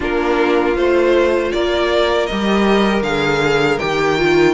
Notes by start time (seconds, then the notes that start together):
0.00 A#3 D4 F4 A#4
0.76 A3 F4 C5
1.51 A#3 A#4 D5
2.26 G3 G4 D#5
3.02 D3 G#4 F5
3.78 D#3 G4 G5
4.17 F4